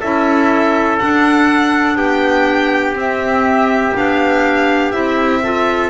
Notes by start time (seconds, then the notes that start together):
0.00 C#4 E4 A4 E5
0.99 D4 F#5
1.96 B3 G4 G5
2.94 C4 E5
3.95 B3 D4 F5
4.92 C4 E4 E5
5.43 F4 A4